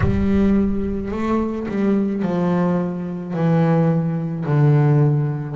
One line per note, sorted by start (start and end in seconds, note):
0.00 1.11 G3
1.11 1.66 A3
1.68 2.22 G3
2.22 3.33 F3
3.33 4.44 E3
4.45 5.56 D3